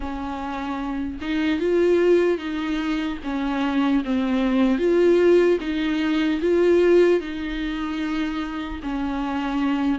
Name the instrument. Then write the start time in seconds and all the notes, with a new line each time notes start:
viola
0.00 C#4
1.21 D#4
1.60 F4
2.37 D#4
3.23 C#4
4.04 C4
4.78 F4
5.60 D#4
6.41 F4
7.20 D#4
8.82 C#4